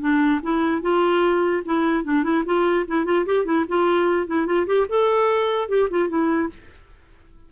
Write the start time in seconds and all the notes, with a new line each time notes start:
0.00 D4
0.42 E4
0.82 F4
1.65 E4
2.04 D4
2.23 E4
2.45 F4
2.87 E4
3.05 F4
3.26 G4
3.45 E4
3.68 F4
4.27 E4
4.46 F4
4.66 G4
4.89 A4
5.68 G4
5.90 F4
6.08 E4